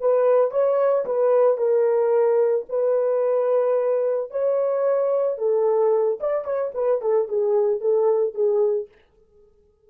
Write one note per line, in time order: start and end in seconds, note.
0.00 0.51 B4
0.51 1.05 C#5
1.06 1.57 B4
1.57 2.66 A#4
2.69 4.30 B4
4.30 5.38 C#5
5.38 6.19 A4
6.20 6.44 D5
6.44 6.71 C#5
6.74 7.01 B4
7.01 7.29 A4
7.29 7.81 G#4
7.81 8.34 A4
8.34 8.88 G#4